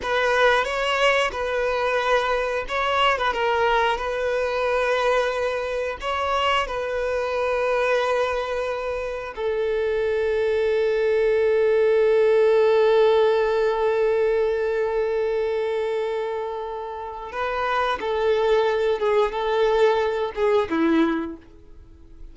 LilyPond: \new Staff \with { instrumentName = "violin" } { \time 4/4 \tempo 4 = 90 b'4 cis''4 b'2 | cis''8. b'16 ais'4 b'2~ | b'4 cis''4 b'2~ | b'2 a'2~ |
a'1~ | a'1~ | a'2 b'4 a'4~ | a'8 gis'8 a'4. gis'8 e'4 | }